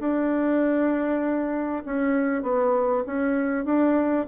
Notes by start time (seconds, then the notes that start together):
0.00 D4
1.86 C#4
2.43 B3
3.07 C#4
3.65 D4